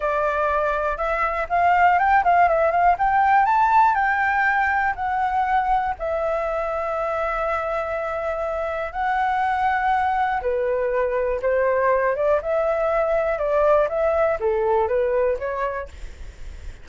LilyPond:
\new Staff \with { instrumentName = "flute" } { \time 4/4 \tempo 4 = 121 d''2 e''4 f''4 | g''8 f''8 e''8 f''8 g''4 a''4 | g''2 fis''2 | e''1~ |
e''2 fis''2~ | fis''4 b'2 c''4~ | c''8 d''8 e''2 d''4 | e''4 a'4 b'4 cis''4 | }